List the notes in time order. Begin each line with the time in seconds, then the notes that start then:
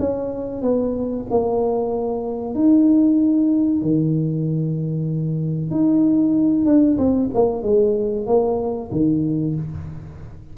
0.00 C#4
0.62 B3
1.31 A#3
2.55 D#4
3.82 D#3
5.71 D#4
6.66 D4
6.98 C4
7.35 A#3
7.63 G#3
8.27 A#3
8.92 D#3